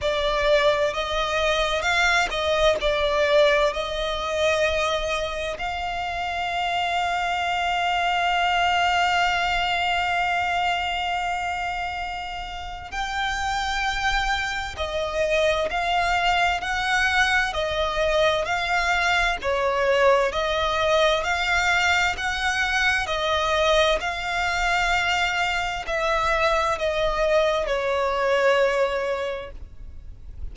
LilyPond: \new Staff \with { instrumentName = "violin" } { \time 4/4 \tempo 4 = 65 d''4 dis''4 f''8 dis''8 d''4 | dis''2 f''2~ | f''1~ | f''2 g''2 |
dis''4 f''4 fis''4 dis''4 | f''4 cis''4 dis''4 f''4 | fis''4 dis''4 f''2 | e''4 dis''4 cis''2 | }